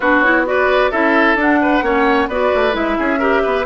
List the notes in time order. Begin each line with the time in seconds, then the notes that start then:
0.00 B3 D4 F#4 B4
0.19 E4 C#5
0.46 F#4 B4 D5
0.91 C#4 E4 A4 E5
1.35 D4 F#5
1.61 B4
1.82 A#3 C#4 C#5
2.27 B3 F#4 B4 D5
2.54 A3
2.72 G#3 E4 E5
2.98 C#4 G#4
3.19 G4 A#4
3.42 B3 B4